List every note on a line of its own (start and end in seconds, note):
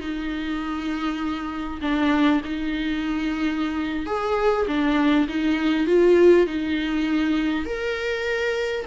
0.00 1.80 D#4
1.81 2.41 D4
2.44 4.06 D#4
4.06 4.66 G#4
4.67 5.27 D4
5.28 5.86 D#4
5.86 6.46 F4
6.46 7.65 D#4
7.65 8.85 A#4